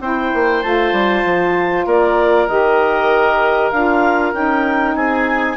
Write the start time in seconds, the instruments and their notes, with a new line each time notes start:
0.00 bassoon C4, saxophone E4, oboe C5, clarinet G5
0.34 bassoon A#3
0.62 bassoon A3, saxophone F4, clarinet A5
0.92 bassoon G3
1.24 bassoon F3
1.86 bassoon A#3, oboe A#4, clarinet D5
2.48 bassoon D#3, saxophone G4, clarinet D#5
3.70 bassoon D4, saxophone F4, clarinet F5
4.33 bassoon C#4, saxophone D#4, clarinet G5
4.95 bassoon C4, oboe G#4, clarinet G#5